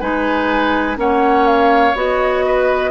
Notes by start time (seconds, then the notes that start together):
0.00 G#3 D#4 B4 G#5
0.97 A#3 C#4 C#5 F#5
1.47 F5
1.95 B3 F#4 D#5
2.46 B4